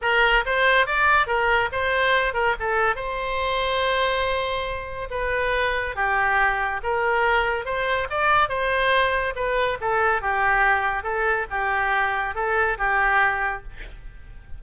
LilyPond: \new Staff \with { instrumentName = "oboe" } { \time 4/4 \tempo 4 = 141 ais'4 c''4 d''4 ais'4 | c''4. ais'8 a'4 c''4~ | c''1 | b'2 g'2 |
ais'2 c''4 d''4 | c''2 b'4 a'4 | g'2 a'4 g'4~ | g'4 a'4 g'2 | }